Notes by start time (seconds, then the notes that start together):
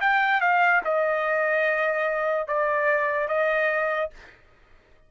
0.00 G5
0.40 F5
0.84 D#5
2.47 D5
3.28 D#5